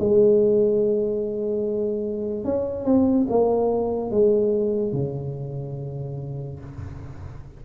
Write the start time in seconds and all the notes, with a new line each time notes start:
0.00 G#3
2.44 C#4
2.85 C4
3.29 A#3
4.11 G#3
4.93 C#3